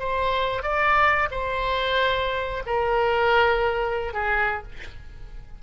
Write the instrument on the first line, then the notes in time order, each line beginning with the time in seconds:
oboe
0.00 C5
0.63 D5
1.32 C5
2.67 A#4
4.14 G#4